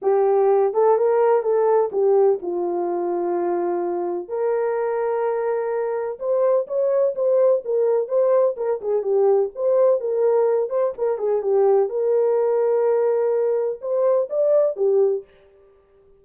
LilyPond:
\new Staff \with { instrumentName = "horn" } { \time 4/4 \tempo 4 = 126 g'4. a'8 ais'4 a'4 | g'4 f'2.~ | f'4 ais'2.~ | ais'4 c''4 cis''4 c''4 |
ais'4 c''4 ais'8 gis'8 g'4 | c''4 ais'4. c''8 ais'8 gis'8 | g'4 ais'2.~ | ais'4 c''4 d''4 g'4 | }